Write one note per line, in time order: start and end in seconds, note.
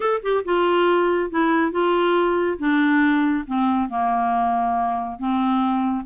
0.00 0.21 A4
0.22 0.44 G4
0.44 1.30 F4
1.30 1.71 E4
1.71 2.57 F4
2.58 3.45 D4
3.46 3.89 C4
3.89 5.18 A#3
5.18 6.05 C4